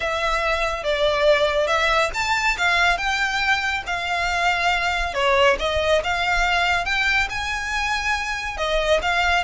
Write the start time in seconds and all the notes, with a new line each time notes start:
0.00 E5
0.83 D5
1.67 E5
2.14 A5
2.57 F5
2.97 G5
3.86 F5
5.14 C#5
5.59 D#5
6.03 F5
6.85 G5
7.29 G#5
8.57 D#5
9.02 F5